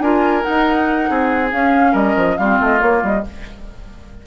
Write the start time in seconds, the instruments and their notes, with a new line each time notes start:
0.00 bassoon D4, clarinet F4, oboe A#4, flute G#5
0.42 clarinet D#4, flute F#5
0.49 bassoon D#4
1.09 bassoon C4, oboe G#4
1.52 bassoon C#4, clarinet C#4, flute F5
1.92 bassoon G3, oboe A#4, flute D#5
2.16 bassoon F3
2.37 bassoon G3, clarinet C4, oboe F4, flute F5
2.60 bassoon A3, flute D#5
2.78 clarinet A#3, bassoon A#3, flute C#5
3.03 bassoon G3, flute D#5